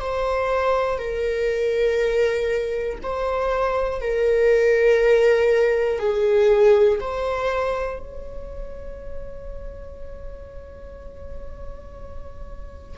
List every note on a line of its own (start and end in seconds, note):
0.00 0.98 C5
0.98 2.98 A#4
3.02 4.01 C5
4.01 5.99 A#4
5.99 6.99 G#4
7.00 7.99 C5
7.99 12.98 C#5